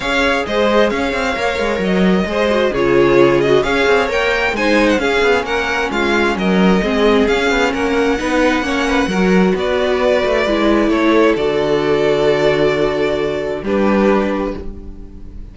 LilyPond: <<
  \new Staff \with { instrumentName = "violin" } { \time 4/4 \tempo 4 = 132 f''4 dis''4 f''2 | dis''2 cis''4. dis''8 | f''4 g''4 gis''8. fis''16 f''4 | fis''4 f''4 dis''2 |
f''4 fis''2.~ | fis''4 d''2. | cis''4 d''2.~ | d''2 b'2 | }
  \new Staff \with { instrumentName = "violin" } { \time 4/4 cis''4 c''4 cis''2~ | cis''4 c''4 gis'2 | cis''2 c''4 gis'4 | ais'4 f'4 ais'4 gis'4~ |
gis'4 ais'4 b'4 cis''8 b'8 | ais'4 b'2. | a'1~ | a'2 g'2 | }
  \new Staff \with { instrumentName = "viola" } { \time 4/4 gis'2. ais'4~ | ais'4 gis'8 fis'8 f'4. fis'8 | gis'4 ais'4 dis'4 cis'4~ | cis'2. c'4 |
cis'2 dis'4 cis'4 | fis'2. e'4~ | e'4 fis'2.~ | fis'2 d'2 | }
  \new Staff \with { instrumentName = "cello" } { \time 4/4 cis'4 gis4 cis'8 c'8 ais8 gis8 | fis4 gis4 cis2 | cis'8 c'8 ais4 gis4 cis'8 b8 | ais4 gis4 fis4 gis4 |
cis'8 b8 ais4 b4 ais4 | fis4 b4. a8 gis4 | a4 d2.~ | d2 g2 | }
>>